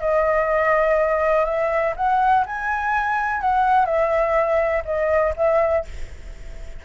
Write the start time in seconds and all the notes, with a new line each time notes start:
0.00 D#5
1.45 E5
1.96 F#5
2.46 G#5
3.41 F#5
3.85 E5
4.85 D#5
5.36 E5